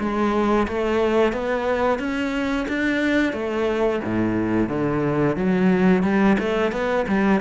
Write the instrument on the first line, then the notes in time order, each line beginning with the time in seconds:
cello
0.00 G#3
0.68 A3
1.33 B3
1.99 C#4
2.69 D4
3.33 A3
4.05 A2
4.69 D3
5.36 F#3
6.04 G3
6.39 A3
6.72 B3
7.08 G3